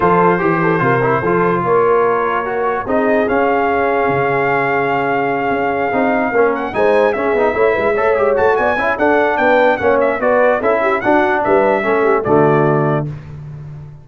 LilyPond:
<<
  \new Staff \with { instrumentName = "trumpet" } { \time 4/4 \tempo 4 = 147 c''1 | cis''2. dis''4 | f''1~ | f''1 |
fis''8 gis''4 e''2~ e''8~ | e''8 a''8 gis''4 fis''4 g''4 | fis''8 e''8 d''4 e''4 fis''4 | e''2 d''2 | }
  \new Staff \with { instrumentName = "horn" } { \time 4/4 a'4 g'8 a'8 ais'4 a'4 | ais'2. gis'4~ | gis'1~ | gis'2.~ gis'8 ais'8~ |
ais'8 c''4 gis'4 cis''8 b'8 cis''8~ | cis''4 d''8 e''8 a'4 b'4 | cis''4 b'4 a'8 g'8 fis'4 | b'4 a'8 g'8 fis'2 | }
  \new Staff \with { instrumentName = "trombone" } { \time 4/4 f'4 g'4 f'8 e'8 f'4~ | f'2 fis'4 dis'4 | cis'1~ | cis'2~ cis'8 dis'4 cis'8~ |
cis'8 dis'4 cis'8 dis'8 e'4 a'8 | g'8 fis'4 e'8 d'2 | cis'4 fis'4 e'4 d'4~ | d'4 cis'4 a2 | }
  \new Staff \with { instrumentName = "tuba" } { \time 4/4 f4 e4 c4 f4 | ais2. c'4 | cis'2 cis2~ | cis4. cis'4 c'4 ais8~ |
ais8 gis4 cis'8 b8 a8 gis8 a8 | gis8 a8 b8 cis'8 d'4 b4 | ais4 b4 cis'4 d'4 | g4 a4 d2 | }
>>